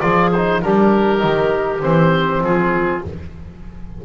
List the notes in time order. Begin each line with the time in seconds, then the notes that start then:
0.00 F3 F4 G#4 D5
0.32 D#4 C5
0.61 G3 D4 G4 A#4
1.18 D#3 D#4
1.82 E3 C4 C5
2.41 F3 F4 G#4